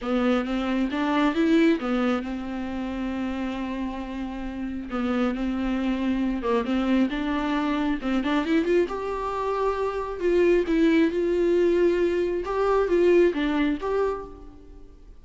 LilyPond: \new Staff \with { instrumentName = "viola" } { \time 4/4 \tempo 4 = 135 b4 c'4 d'4 e'4 | b4 c'2.~ | c'2. b4 | c'2~ c'8 ais8 c'4 |
d'2 c'8 d'8 e'8 f'8 | g'2. f'4 | e'4 f'2. | g'4 f'4 d'4 g'4 | }